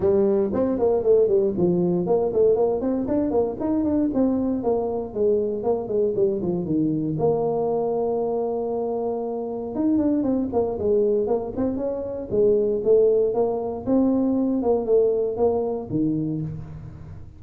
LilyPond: \new Staff \with { instrumentName = "tuba" } { \time 4/4 \tempo 4 = 117 g4 c'8 ais8 a8 g8 f4 | ais8 a8 ais8 c'8 d'8 ais8 dis'8 d'8 | c'4 ais4 gis4 ais8 gis8 | g8 f8 dis4 ais2~ |
ais2. dis'8 d'8 | c'8 ais8 gis4 ais8 c'8 cis'4 | gis4 a4 ais4 c'4~ | c'8 ais8 a4 ais4 dis4 | }